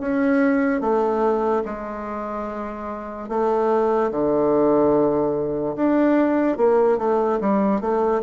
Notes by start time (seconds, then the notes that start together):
0.00 C#4
0.80 A3
1.65 G#3
3.28 A3
4.11 D3
5.76 D4
6.57 A#3
6.98 A3
7.40 G3
7.81 A3